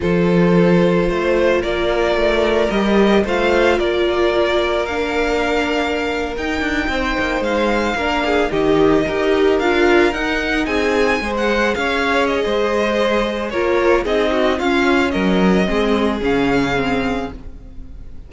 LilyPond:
<<
  \new Staff \with { instrumentName = "violin" } { \time 4/4 \tempo 4 = 111 c''2. d''4~ | d''4 dis''4 f''4 d''4~ | d''4 f''2~ f''8. g''16~ | g''4.~ g''16 f''2 dis''16~ |
dis''4.~ dis''16 f''4 fis''4 gis''16~ | gis''4 fis''8. f''4 dis''4~ dis''16~ | dis''4 cis''4 dis''4 f''4 | dis''2 f''2 | }
  \new Staff \with { instrumentName = "violin" } { \time 4/4 a'2 c''4 ais'4~ | ais'2 c''4 ais'4~ | ais'1~ | ais'8. c''2 ais'8 gis'8 g'16~ |
g'8. ais'2. gis'16~ | gis'8. c''4 cis''4~ cis''16 c''4~ | c''4 ais'4 gis'8 fis'8 f'4 | ais'4 gis'2. | }
  \new Staff \with { instrumentName = "viola" } { \time 4/4 f'1~ | f'4 g'4 f'2~ | f'4 d'2~ d'8. dis'16~ | dis'2~ dis'8. d'4 dis'16~ |
dis'8. g'4 f'4 dis'4~ dis'16~ | dis'8. gis'2.~ gis'16~ | gis'4 f'4 dis'4 cis'4~ | cis'4 c'4 cis'4 c'4 | }
  \new Staff \with { instrumentName = "cello" } { \time 4/4 f2 a4 ais4 | a4 g4 a4 ais4~ | ais2.~ ais8. dis'16~ | dis'16 d'8 c'8 ais8 gis4 ais4 dis16~ |
dis8. dis'4 d'4 dis'4 c'16~ | c'8. gis4 cis'4~ cis'16 gis4~ | gis4 ais4 c'4 cis'4 | fis4 gis4 cis2 | }
>>